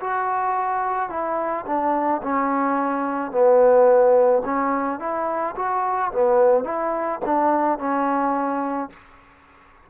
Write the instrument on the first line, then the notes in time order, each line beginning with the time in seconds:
trombone
0.00 F#4
1.10 E4
1.66 D4
2.22 C#4
3.31 B3
4.45 C#4
4.99 E4
5.56 F#4
6.12 B3
6.64 E4
7.25 D4
7.79 C#4